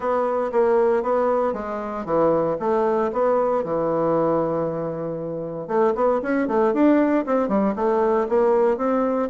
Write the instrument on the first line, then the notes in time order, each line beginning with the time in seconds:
bassoon
0.00 B3
0.51 A#3
1.03 B3
1.53 G#3
2.05 E3
2.59 A3
3.12 B3
3.63 E3
5.67 A3
5.95 B3
6.22 C#4
6.47 A3
6.73 D4
7.26 C4
7.48 G3
7.75 A3
8.29 A#3
8.77 C4